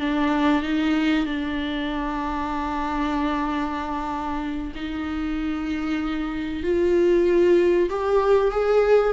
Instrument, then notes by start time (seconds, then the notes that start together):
viola
0.00 D4
0.63 D#4
1.26 D4
4.76 D#4
6.63 F4
7.90 G4
8.51 G#4